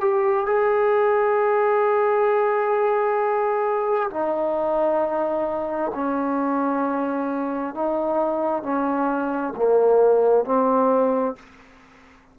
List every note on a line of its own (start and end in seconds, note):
0.00 0.45 G4
0.46 4.10 G#4
4.10 5.91 D#4
5.94 7.74 C#4
7.74 8.62 D#4
8.62 9.53 C#4
9.55 10.45 A#3
10.45 11.36 C4